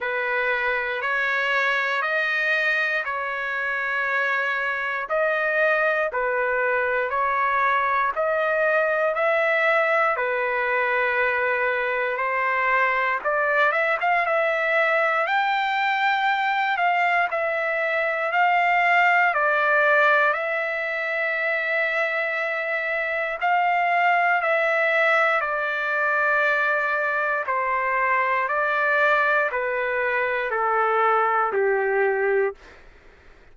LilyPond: \new Staff \with { instrumentName = "trumpet" } { \time 4/4 \tempo 4 = 59 b'4 cis''4 dis''4 cis''4~ | cis''4 dis''4 b'4 cis''4 | dis''4 e''4 b'2 | c''4 d''8 e''16 f''16 e''4 g''4~ |
g''8 f''8 e''4 f''4 d''4 | e''2. f''4 | e''4 d''2 c''4 | d''4 b'4 a'4 g'4 | }